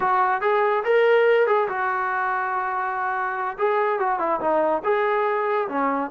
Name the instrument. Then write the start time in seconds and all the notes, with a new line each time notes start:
trombone
0.00 F#4
0.41 G#4
0.84 A#4
1.47 G#4
1.68 F#4
3.58 G#4
3.99 F#4
4.19 E4
4.40 D#4
4.84 G#4
5.68 C#4